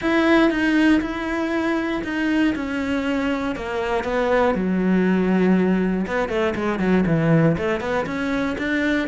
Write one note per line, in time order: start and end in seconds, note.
0.01 0.50 E4
0.50 1.00 D#4
1.01 2.02 E4
2.04 2.54 D#4
2.55 3.55 C#4
3.55 4.04 A#3
4.04 4.54 B3
4.54 6.05 F#3
6.06 6.28 B3
6.28 6.54 A3
6.55 6.79 G#3
6.79 7.04 F#3
7.06 7.56 E3
7.57 7.80 A3
7.80 8.05 B3
8.06 8.56 C#4
8.58 9.08 D4